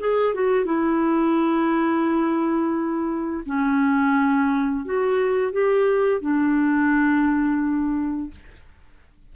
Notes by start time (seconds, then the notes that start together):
0.00 G#4
0.35 F#4
0.65 E4
3.46 C#4
4.86 F#4
5.53 G4
6.22 D4